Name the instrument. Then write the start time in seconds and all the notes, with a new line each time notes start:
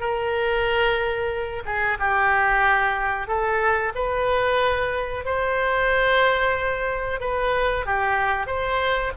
oboe
0.00 A#4
1.65 G#4
1.99 G4
3.27 A4
3.95 B4
5.25 C5
7.20 B4
7.86 G4
8.46 C5